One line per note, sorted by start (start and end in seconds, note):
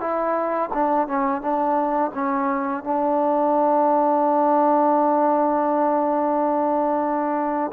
0.00 0.70 E4
0.73 1.08 D4
1.08 1.41 C#4
1.41 2.11 D4
2.14 2.84 C#4
2.84 7.72 D4